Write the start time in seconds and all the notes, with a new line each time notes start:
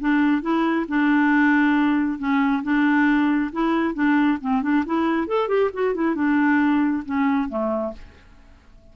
0.00 D4
0.41 E4
0.88 D4
2.18 C#4
2.63 D4
3.52 E4
3.94 D4
4.41 C4
4.62 D4
4.86 E4
5.27 A4
5.48 G4
5.73 F#4
5.94 E4
6.15 D4
7.05 C#4
7.49 A3